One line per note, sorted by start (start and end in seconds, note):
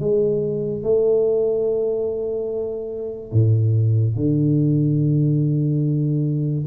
0.00 0.83 G#3
0.83 3.33 A3
3.33 4.16 A2
4.16 6.66 D3